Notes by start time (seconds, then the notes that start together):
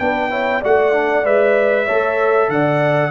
0.00 B3 D4 B4 G5
0.30 E4 C#5
0.61 A3 F#4 D5 F#5
0.93 D4
1.25 G#3 B4 E5
1.85 A3 A4 C#5
2.49 D3 D5 F#5